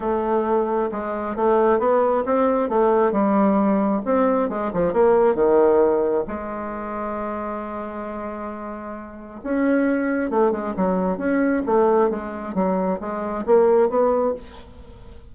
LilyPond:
\new Staff \with { instrumentName = "bassoon" } { \time 4/4 \tempo 4 = 134 a2 gis4 a4 | b4 c'4 a4 g4~ | g4 c'4 gis8 f8 ais4 | dis2 gis2~ |
gis1~ | gis4 cis'2 a8 gis8 | fis4 cis'4 a4 gis4 | fis4 gis4 ais4 b4 | }